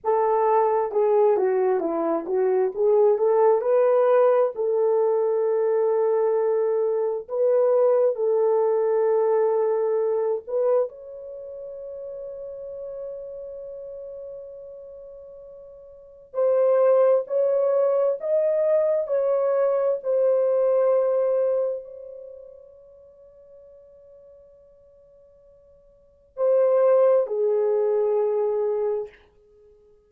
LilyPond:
\new Staff \with { instrumentName = "horn" } { \time 4/4 \tempo 4 = 66 a'4 gis'8 fis'8 e'8 fis'8 gis'8 a'8 | b'4 a'2. | b'4 a'2~ a'8 b'8 | cis''1~ |
cis''2 c''4 cis''4 | dis''4 cis''4 c''2 | cis''1~ | cis''4 c''4 gis'2 | }